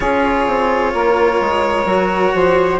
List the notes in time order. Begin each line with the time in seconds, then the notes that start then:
0.00 C#4 F4 G#4 C#5
0.46 C4
0.94 A#3 A#4
1.40 G#3
1.84 F#3 F#4
2.34 F3 C5